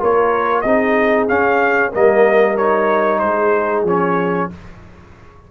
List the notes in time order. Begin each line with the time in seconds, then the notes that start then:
0.00 A#3 F4 A#4 C#5
0.62 C4 D#4 G#4 D#5
1.28 C#4 F5
1.92 G3 A#3 A#4 D#5
2.57 D#4 C#5
3.19 G#3 G#4 C5
3.84 F3 C#4 C#5